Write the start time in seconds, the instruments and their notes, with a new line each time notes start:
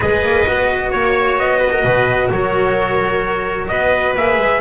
0.00 double bass G#3, cello G#4, viola B4, trumpet D#5
0.22 double bass A#3
0.46 double bass B3, cello F#4
0.91 double bass A#3, trumpet C#5, viola C#5
1.38 double bass B3, trumpet D#5
1.58 viola B4
1.72 viola A#4
1.84 double bass B2, viola B4
2.31 double bass F#3, viola A#4, trumpet C#5
3.67 double bass B3, viola B4, trumpet D#5
4.15 double bass A#3, cello G#4, trumpet E5
4.37 double bass G#3